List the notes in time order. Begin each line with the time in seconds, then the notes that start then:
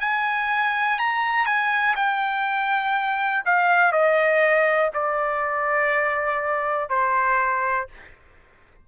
0.00 G#5
0.98 A#5
1.46 G#5
1.96 G5
3.45 F5
3.92 D#5
4.94 D5
6.89 C5